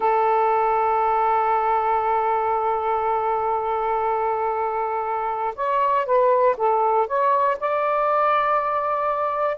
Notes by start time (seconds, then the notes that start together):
0.00 A4
5.55 C#5
6.05 B4
6.57 A4
7.07 C#5
7.60 D5